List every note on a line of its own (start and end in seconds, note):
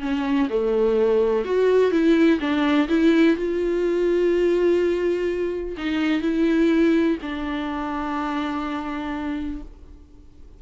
0.00 0.48 C#4
0.49 1.44 A3
1.44 1.91 F#4
1.91 2.39 E4
2.40 2.88 D4
2.88 3.36 E4
3.36 5.76 F4
5.77 6.21 D#4
6.21 7.17 E4
7.22 9.62 D4